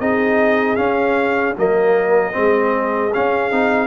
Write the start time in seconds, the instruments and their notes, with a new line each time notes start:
0.00 tuba C4, trombone D#4, horn G#4, trumpet D#5
0.76 trombone C#4, tuba C#4, trumpet F5
1.57 tuba F#3, trombone A#3, horn A#4, trumpet D#5
2.32 tuba G#3, trombone C4, horn G#4
3.14 trombone C#4, tuba C#4, trumpet F5
3.51 tuba C4, trombone D#4